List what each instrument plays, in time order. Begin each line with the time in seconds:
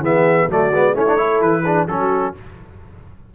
0.00 tuba E3, trombone B3, horn G#4, trumpet E5
0.48 tuba F#3, trombone A3, horn F#4, trumpet D5
0.71 tuba G#3, trombone B3
0.95 tuba A3, trombone C#4, horn E4, trumpet C#5
1.07 trombone D4
1.17 trombone E4, horn A4
1.41 tuba E3, trumpet B4
1.62 trombone D4, horn G#4
1.88 tuba F#3, trombone C#4, horn F#4, trumpet A4